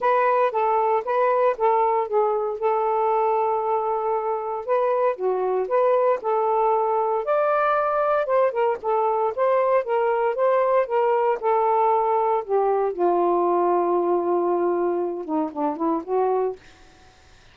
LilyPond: \new Staff \with { instrumentName = "saxophone" } { \time 4/4 \tempo 4 = 116 b'4 a'4 b'4 a'4 | gis'4 a'2.~ | a'4 b'4 fis'4 b'4 | a'2 d''2 |
c''8 ais'8 a'4 c''4 ais'4 | c''4 ais'4 a'2 | g'4 f'2.~ | f'4. dis'8 d'8 e'8 fis'4 | }